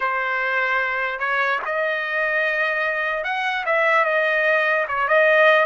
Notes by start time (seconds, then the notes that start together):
0.00 C5
1.19 C#5
1.65 D#5
3.24 F#5
3.65 E5
4.04 D#5
4.88 C#5
5.07 D#5